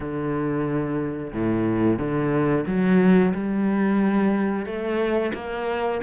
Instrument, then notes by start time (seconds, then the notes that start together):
cello
0.00 D3
1.32 A2
1.98 D3
2.66 F#3
3.34 G3
4.65 A3
5.34 A#3